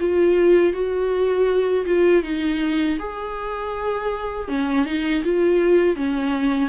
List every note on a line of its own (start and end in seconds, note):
0.00 0.73 F4
0.73 1.85 F#4
1.86 2.23 F4
2.23 2.98 D#4
2.99 4.48 G#4
4.48 4.86 C#4
4.86 5.23 D#4
5.25 5.96 F4
5.96 6.70 C#4